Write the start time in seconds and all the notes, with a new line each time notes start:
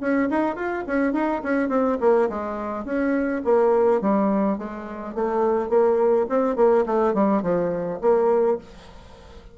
0.00 C#4
0.30 D#4
0.55 F4
0.86 C#4
1.12 D#4
1.43 C#4
1.69 C4
2.00 A#3
2.29 G#3
2.85 C#4
3.44 A#3
4.01 G3
4.58 G#3
5.15 A3
5.69 A#3
6.29 C4
6.56 A#3
6.85 A3
7.14 G3
7.42 F3
8.01 A#3